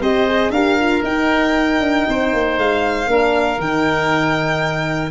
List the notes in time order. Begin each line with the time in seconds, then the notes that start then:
0.00 C4 G4 C5 D#5
0.27 G#4
0.50 D4 G4 A#4 F5
0.79 F4
1.03 D#4 G5
1.80 D4
2.08 C4 C5
2.33 A#3
2.57 G#3 F5
3.07 A#3 D4 A#4
3.58 D#3 D#4 G5